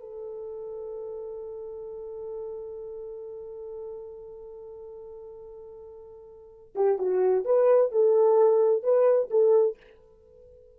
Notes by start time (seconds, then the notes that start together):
0.00 A4
6.75 G4
6.99 F#4
7.45 B4
7.92 A4
8.84 B4
9.31 A4